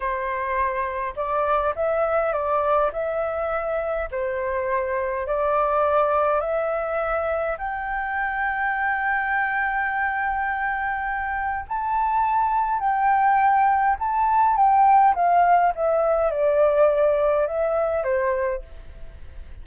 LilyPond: \new Staff \with { instrumentName = "flute" } { \time 4/4 \tempo 4 = 103 c''2 d''4 e''4 | d''4 e''2 c''4~ | c''4 d''2 e''4~ | e''4 g''2.~ |
g''1 | a''2 g''2 | a''4 g''4 f''4 e''4 | d''2 e''4 c''4 | }